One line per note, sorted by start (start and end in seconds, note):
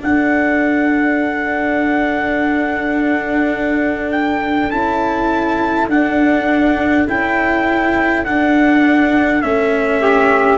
0.00 4.71 D4
0.00 4.72 D4
0.00 10.00 A4
0.00 4.12 F#5
4.12 4.71 G5
4.71 5.87 C#4
4.71 5.90 E4
4.71 5.88 A5
5.87 7.05 D4
5.87 7.08 D4
5.87 7.07 F#5
7.08 8.25 C#4
7.08 8.25 E4
7.08 8.25 G5
8.25 9.42 D4
8.25 9.43 D4
8.25 9.42 F#5
9.42 10.58 A3
9.42 10.58 C#4
9.42 10.58 E5
10.00 10.58 G4